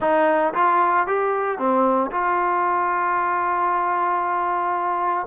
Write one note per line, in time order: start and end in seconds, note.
0.00 0.53 D#4
0.54 1.06 F4
1.06 1.58 G4
1.58 2.11 C4
2.11 5.27 F4